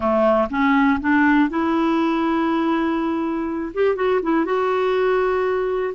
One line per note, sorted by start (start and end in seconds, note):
0.00 0.48 A3
0.50 0.99 C#4
1.00 1.49 D4
1.49 3.73 E4
3.74 3.95 G4
3.95 4.20 F#4
4.22 4.45 E4
4.45 5.93 F#4